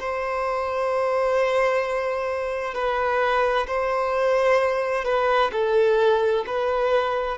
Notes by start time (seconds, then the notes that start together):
0.00 C5
2.74 B4
3.67 C5
5.05 B4
5.53 A4
6.47 B4